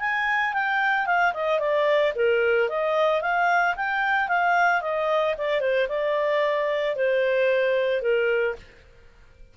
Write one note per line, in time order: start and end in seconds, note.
0.00 0.53 G#5
0.53 1.07 G5
1.07 1.33 F5
1.34 1.60 D#5
1.60 2.13 D5
2.16 2.69 A#4
2.69 3.22 D#5
3.22 3.75 F5
3.76 4.29 G5
4.29 4.82 F5
4.82 5.35 D#5
5.38 5.61 D5
5.61 5.88 C5
5.89 6.96 D5
6.96 8.02 C5
8.02 8.55 A#4